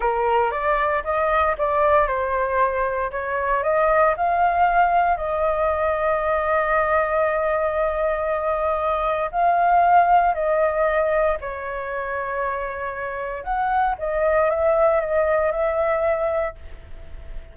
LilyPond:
\new Staff \with { instrumentName = "flute" } { \time 4/4 \tempo 4 = 116 ais'4 d''4 dis''4 d''4 | c''2 cis''4 dis''4 | f''2 dis''2~ | dis''1~ |
dis''2 f''2 | dis''2 cis''2~ | cis''2 fis''4 dis''4 | e''4 dis''4 e''2 | }